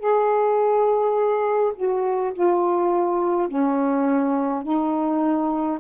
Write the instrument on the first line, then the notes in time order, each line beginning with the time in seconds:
saxophone
0.00 G#4
1.76 F#4
2.33 F4
3.48 C#4
4.63 D#4